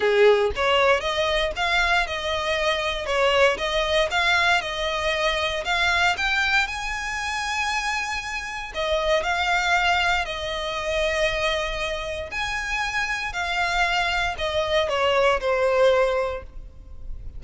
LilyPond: \new Staff \with { instrumentName = "violin" } { \time 4/4 \tempo 4 = 117 gis'4 cis''4 dis''4 f''4 | dis''2 cis''4 dis''4 | f''4 dis''2 f''4 | g''4 gis''2.~ |
gis''4 dis''4 f''2 | dis''1 | gis''2 f''2 | dis''4 cis''4 c''2 | }